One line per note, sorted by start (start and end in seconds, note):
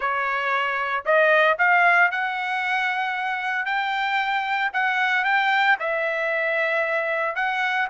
0.00 1.04 C#5
1.05 1.57 D#5
1.58 2.11 F5
2.11 3.65 F#5
3.65 4.70 G5
4.73 5.24 F#5
5.24 5.77 G5
5.79 7.35 E5
7.35 7.88 F#5